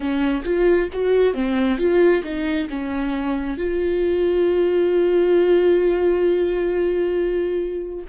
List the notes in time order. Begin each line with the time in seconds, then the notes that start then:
0.00 C#4
0.44 F4
0.92 F#4
1.34 C4
1.77 F4
2.23 D#4
2.69 C#4
3.57 F4